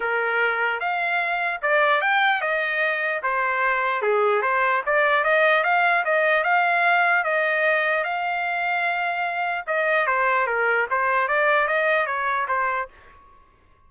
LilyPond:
\new Staff \with { instrumentName = "trumpet" } { \time 4/4 \tempo 4 = 149 ais'2 f''2 | d''4 g''4 dis''2 | c''2 gis'4 c''4 | d''4 dis''4 f''4 dis''4 |
f''2 dis''2 | f''1 | dis''4 c''4 ais'4 c''4 | d''4 dis''4 cis''4 c''4 | }